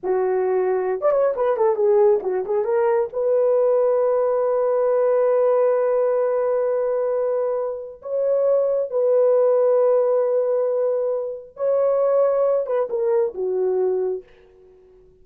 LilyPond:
\new Staff \with { instrumentName = "horn" } { \time 4/4 \tempo 4 = 135 fis'2~ fis'16 d''16 cis''8 b'8 a'8 | gis'4 fis'8 gis'8 ais'4 b'4~ | b'1~ | b'1~ |
b'2 cis''2 | b'1~ | b'2 cis''2~ | cis''8 b'8 ais'4 fis'2 | }